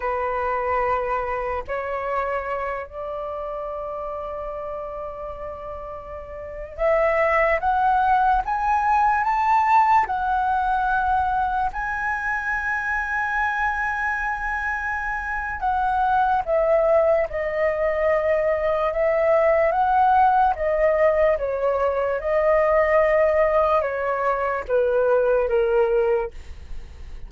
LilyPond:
\new Staff \with { instrumentName = "flute" } { \time 4/4 \tempo 4 = 73 b'2 cis''4. d''8~ | d''1~ | d''16 e''4 fis''4 gis''4 a''8.~ | a''16 fis''2 gis''4.~ gis''16~ |
gis''2. fis''4 | e''4 dis''2 e''4 | fis''4 dis''4 cis''4 dis''4~ | dis''4 cis''4 b'4 ais'4 | }